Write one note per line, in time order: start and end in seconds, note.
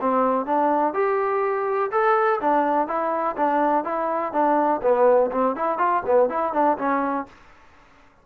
0.00 0.46 C4
0.46 0.93 D4
0.93 1.90 G4
1.91 2.40 A4
2.40 2.87 D4
2.87 3.35 E4
3.36 3.84 D4
3.84 4.32 E4
4.32 4.80 D4
4.82 5.30 B3
5.31 5.55 C4
5.55 5.78 E4
5.78 6.02 F4
6.05 6.29 B3
6.29 6.53 E4
6.53 6.77 D4
6.77 7.26 C#4